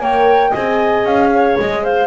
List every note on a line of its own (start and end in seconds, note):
0.00 0.52 A#3
0.00 0.53 A#4
0.00 0.49 C#5
0.00 0.53 G5
0.49 1.04 C4
0.49 2.07 G#4
0.49 1.28 D#5
0.49 1.05 G#5
1.04 1.56 C#4
1.04 1.57 F5
1.33 1.83 C#5
1.59 2.07 G#3
1.59 1.84 D#5
1.83 2.07 C5
1.83 2.07 F5